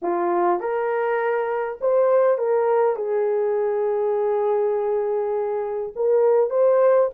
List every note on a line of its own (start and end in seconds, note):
0.02 0.60 F4
0.60 1.78 A#4
1.80 2.38 C5
2.38 2.95 A#4
2.95 5.92 G#4
5.95 6.50 A#4
6.50 7.09 C5